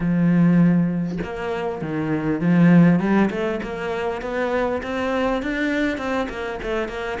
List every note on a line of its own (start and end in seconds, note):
0.00 1.18 F3
1.23 1.81 A#3
1.81 2.40 D#3
2.40 2.99 F3
2.99 3.29 G3
3.30 3.60 A3
3.62 4.21 A#3
4.21 4.81 B3
4.82 5.42 C4
5.42 5.97 D4
5.97 6.27 C4
6.29 6.59 A#3
6.62 6.88 A3
6.88 7.18 A#3